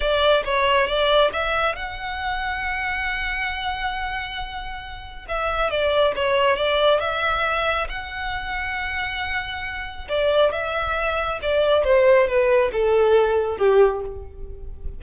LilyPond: \new Staff \with { instrumentName = "violin" } { \time 4/4 \tempo 4 = 137 d''4 cis''4 d''4 e''4 | fis''1~ | fis''1 | e''4 d''4 cis''4 d''4 |
e''2 fis''2~ | fis''2. d''4 | e''2 d''4 c''4 | b'4 a'2 g'4 | }